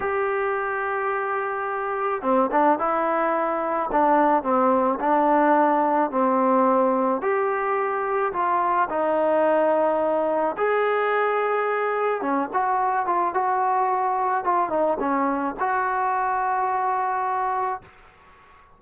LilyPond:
\new Staff \with { instrumentName = "trombone" } { \time 4/4 \tempo 4 = 108 g'1 | c'8 d'8 e'2 d'4 | c'4 d'2 c'4~ | c'4 g'2 f'4 |
dis'2. gis'4~ | gis'2 cis'8 fis'4 f'8 | fis'2 f'8 dis'8 cis'4 | fis'1 | }